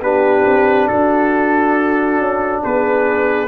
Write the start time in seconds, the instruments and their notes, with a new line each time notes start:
0.00 tuba B3, trombone D4, horn G4, trumpet B4
0.45 tuba C4
0.87 tuba D4, horn F#4, trumpet A4
2.18 tuba C#4
2.63 tuba B3, horn G#4, trumpet B4